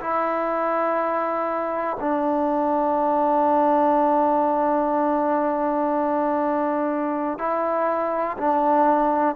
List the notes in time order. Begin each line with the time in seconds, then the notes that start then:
0.00 E4
2.00 D4
7.38 E4
8.37 D4